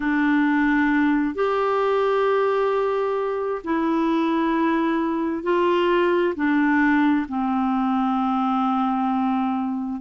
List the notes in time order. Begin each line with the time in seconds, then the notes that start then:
0.00 D4
1.34 G4
3.64 E4
5.43 F4
6.35 D4
7.28 C4